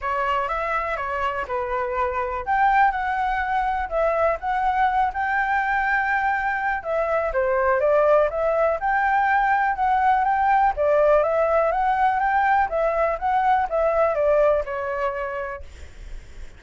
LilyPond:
\new Staff \with { instrumentName = "flute" } { \time 4/4 \tempo 4 = 123 cis''4 e''4 cis''4 b'4~ | b'4 g''4 fis''2 | e''4 fis''4. g''4.~ | g''2 e''4 c''4 |
d''4 e''4 g''2 | fis''4 g''4 d''4 e''4 | fis''4 g''4 e''4 fis''4 | e''4 d''4 cis''2 | }